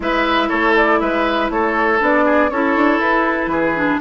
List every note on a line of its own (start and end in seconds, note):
0.00 0.49 G#3
0.00 2.00 E4
0.00 0.48 B4
0.00 0.49 E5
0.48 1.00 A3
0.48 0.98 A4
0.48 0.74 C#5
0.76 0.99 D5
0.99 1.49 G#3
0.99 1.51 B4
0.99 1.49 E5
1.49 1.99 A3
1.49 2.25 A4
1.49 2.00 C#5
2.00 2.50 B3
2.00 2.50 D4
2.00 2.50 D5
2.25 2.50 G#4
2.50 2.75 C#4
2.50 3.75 E4
2.50 3.50 A4
2.50 3.00 C#5
2.76 2.99 D4
2.99 3.47 E4
2.99 4.00 B4
3.47 3.97 E3
3.47 4.00 G#4
3.75 4.00 D4